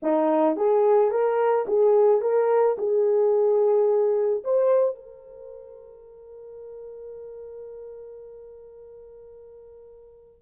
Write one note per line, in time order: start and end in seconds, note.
0.02 0.56 D#4
0.56 1.10 G#4
1.10 1.65 A#4
1.67 2.21 G#4
2.21 2.76 A#4
2.78 4.43 G#4
4.44 4.95 C5
4.95 10.42 A#4